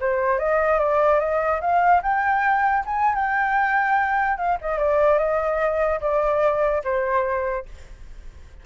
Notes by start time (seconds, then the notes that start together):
0.00 C5
0.39 D#5
0.79 D5
1.19 D#5
1.61 F5
2.02 G5
2.86 G#5
3.14 G5
4.37 F5
4.61 D#5
4.78 D5
5.18 D#5
6.01 D5
6.84 C5